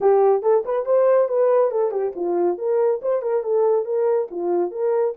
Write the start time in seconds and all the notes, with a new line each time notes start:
0.00 G4
0.42 A4
0.65 B4
0.85 C5
1.28 B4
1.71 A4
1.91 G4
2.15 F4
2.58 A#4
3.02 C5
3.22 A#4
3.43 A4
3.85 A#4
4.30 F4
4.71 A#4